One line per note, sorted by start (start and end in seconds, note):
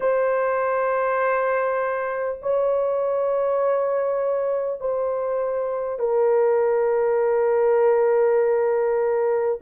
0.00 2.38 C5
2.42 4.80 C#5
4.80 5.99 C5
5.99 9.59 A#4